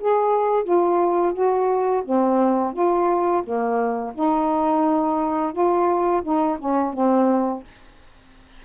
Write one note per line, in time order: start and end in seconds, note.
0.00 0.64 G#4
0.64 1.33 F4
1.33 2.03 F#4
2.05 2.73 C4
2.73 3.43 F4
3.43 4.13 A#3
4.14 5.52 D#4
5.52 6.22 F4
6.23 6.58 D#4
6.59 6.93 C#4
6.93 7.63 C4